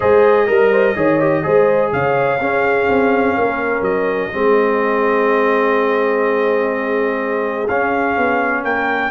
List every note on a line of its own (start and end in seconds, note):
0.00 0.49 G#3
0.00 0.46 G#4
0.00 0.48 C5
0.00 1.92 D#5
0.46 0.96 G3
0.46 0.94 A#4
0.46 0.71 A#4
0.71 0.95 C5
0.95 1.44 D#3
0.95 1.19 G#4
0.95 1.43 C#5
1.19 1.43 G4
1.43 1.92 G#3
1.43 2.39 G#4
1.43 1.92 C5
1.92 2.40 C#3
1.92 2.41 C#5
1.92 3.83 F5
2.40 2.88 C#4
2.40 4.32 C#4
2.40 3.36 G#4
2.88 3.36 C4
3.36 3.81 A#3
3.36 4.32 A#4
3.81 4.29 F#3
3.81 7.67 D#5
4.32 7.69 G#3
4.32 7.68 C4
4.32 8.64 G#4
7.68 8.17 C#4
7.68 9.11 C#4
7.68 8.64 F5
8.17 8.64 B3
8.64 9.11 A#3
8.64 9.11 A#4
8.64 9.11 G5